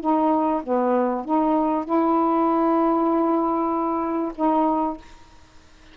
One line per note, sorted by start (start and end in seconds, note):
0.00 0.62 D#4
0.63 1.25 B3
1.25 1.84 D#4
1.84 4.32 E4
4.35 4.97 D#4